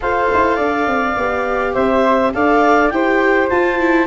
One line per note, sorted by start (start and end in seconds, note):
0.00 0.31 F4
0.00 1.17 A4
0.00 0.56 C5
0.00 1.74 F5
0.33 0.57 E4
0.56 0.86 D4
0.56 1.72 D5
0.86 1.15 C4
1.17 1.75 B3
1.17 2.33 G4
1.73 2.33 C4
1.73 2.31 C5
1.73 2.32 E5
2.33 2.91 D4
2.33 2.92 A4
2.33 2.93 D5
2.33 2.89 F5
2.89 3.50 E4
2.89 3.50 G4
2.89 4.06 C5
2.89 3.47 G5
3.49 3.79 F4
3.49 4.06 F4
3.49 4.06 A5
3.79 4.06 E4